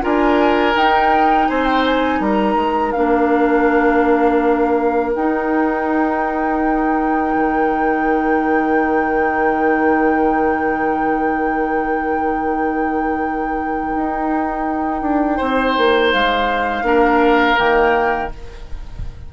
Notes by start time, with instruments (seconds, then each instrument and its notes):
0.00 bassoon D4, clarinet F4, oboe A#4, flute G#5
0.75 bassoon D#4, clarinet D#4, flute G5
1.48 bassoon C4, oboe C5, flute G#5
1.65 flute G5
1.85 flute G#5
2.19 bassoon G3, oboe A#4, flute A#5
2.55 bassoon G#3
2.92 bassoon A#3, clarinet D4, flute F5
5.15 bassoon D#4, clarinet D#4, flute G5
7.35 bassoon D#3
13.95 bassoon D#4
15.01 bassoon D4
15.37 bassoon C4, oboe C5
15.77 bassoon A#3
16.12 bassoon G#3, flute F5
16.82 bassoon A#3, clarinet D4, oboe A#4
17.56 bassoon D#3, clarinet A#3, flute G5